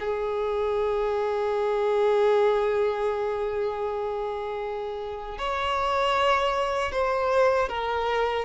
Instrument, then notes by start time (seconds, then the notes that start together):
violin
0.00 G#4
5.38 C#5
6.92 C5
7.69 A#4